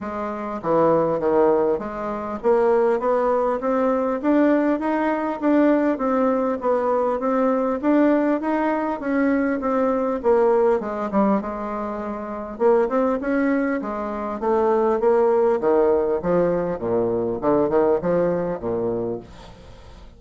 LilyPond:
\new Staff \with { instrumentName = "bassoon" } { \time 4/4 \tempo 4 = 100 gis4 e4 dis4 gis4 | ais4 b4 c'4 d'4 | dis'4 d'4 c'4 b4 | c'4 d'4 dis'4 cis'4 |
c'4 ais4 gis8 g8 gis4~ | gis4 ais8 c'8 cis'4 gis4 | a4 ais4 dis4 f4 | ais,4 d8 dis8 f4 ais,4 | }